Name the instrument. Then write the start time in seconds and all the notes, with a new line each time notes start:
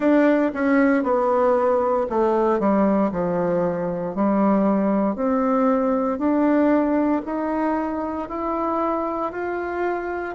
bassoon
0.00 D4
0.54 C#4
1.03 B3
2.09 A3
2.59 G3
3.11 F3
4.15 G3
5.15 C4
6.18 D4
7.25 D#4
8.28 E4
9.32 F4